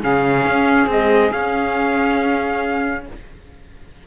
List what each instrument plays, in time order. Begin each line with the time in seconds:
0.00 cello C#3, viola C#4, saxophone G#4, trumpet F5
0.46 cello C#4
0.87 viola G#3, cello C4, trumpet D#5
1.32 viola C#4, cello C#4, trumpet F5